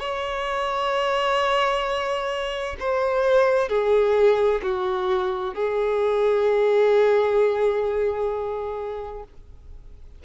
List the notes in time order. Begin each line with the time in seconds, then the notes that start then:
0.00 C#5
2.80 C5
3.69 G#4
4.63 F#4
5.55 G#4